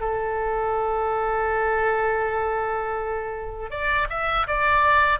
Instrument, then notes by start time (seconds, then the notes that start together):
oboe
0.00 A4
3.70 D5
4.09 E5
4.47 D5